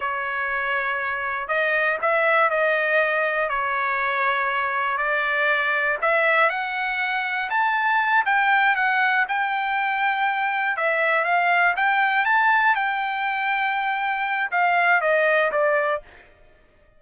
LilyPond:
\new Staff \with { instrumentName = "trumpet" } { \time 4/4 \tempo 4 = 120 cis''2. dis''4 | e''4 dis''2 cis''4~ | cis''2 d''2 | e''4 fis''2 a''4~ |
a''8 g''4 fis''4 g''4.~ | g''4. e''4 f''4 g''8~ | g''8 a''4 g''2~ g''8~ | g''4 f''4 dis''4 d''4 | }